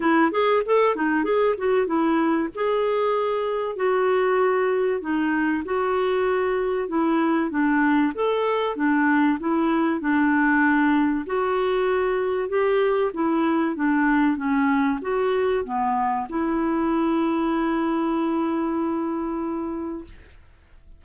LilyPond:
\new Staff \with { instrumentName = "clarinet" } { \time 4/4 \tempo 4 = 96 e'8 gis'8 a'8 dis'8 gis'8 fis'8 e'4 | gis'2 fis'2 | dis'4 fis'2 e'4 | d'4 a'4 d'4 e'4 |
d'2 fis'2 | g'4 e'4 d'4 cis'4 | fis'4 b4 e'2~ | e'1 | }